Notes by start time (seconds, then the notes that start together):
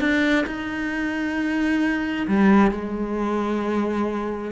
0.00 D4
0.46 D#4
2.28 G3
2.71 G#3